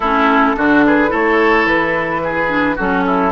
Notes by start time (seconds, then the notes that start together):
0.00 A3 C#4 E4 A4
0.56 D3 D4 F#4
0.86 G#4 B4
1.08 A3 E4 A4 C#5
1.65 E3 B4
2.23 G#4
2.48 D4
2.76 F#3 C#4 F#4 A4
3.06 E4